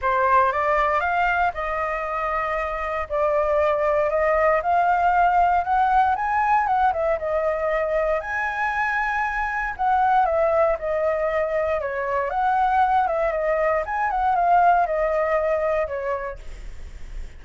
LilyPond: \new Staff \with { instrumentName = "flute" } { \time 4/4 \tempo 4 = 117 c''4 d''4 f''4 dis''4~ | dis''2 d''2 | dis''4 f''2 fis''4 | gis''4 fis''8 e''8 dis''2 |
gis''2. fis''4 | e''4 dis''2 cis''4 | fis''4. e''8 dis''4 gis''8 fis''8 | f''4 dis''2 cis''4 | }